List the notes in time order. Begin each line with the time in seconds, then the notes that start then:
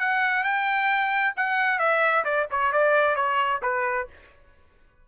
0.00 F#5
0.44 G5
1.37 F#5
1.79 E5
2.25 D5
2.51 C#5
2.73 D5
3.16 C#5
3.63 B4